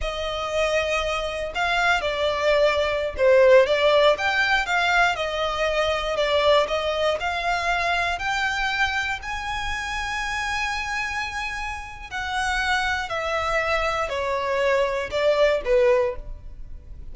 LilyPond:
\new Staff \with { instrumentName = "violin" } { \time 4/4 \tempo 4 = 119 dis''2. f''4 | d''2~ d''16 c''4 d''8.~ | d''16 g''4 f''4 dis''4.~ dis''16~ | dis''16 d''4 dis''4 f''4.~ f''16~ |
f''16 g''2 gis''4.~ gis''16~ | gis''1 | fis''2 e''2 | cis''2 d''4 b'4 | }